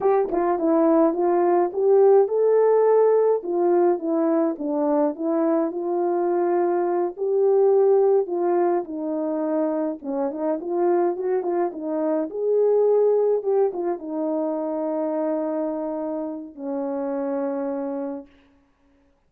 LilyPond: \new Staff \with { instrumentName = "horn" } { \time 4/4 \tempo 4 = 105 g'8 f'8 e'4 f'4 g'4 | a'2 f'4 e'4 | d'4 e'4 f'2~ | f'8 g'2 f'4 dis'8~ |
dis'4. cis'8 dis'8 f'4 fis'8 | f'8 dis'4 gis'2 g'8 | f'8 dis'2.~ dis'8~ | dis'4 cis'2. | }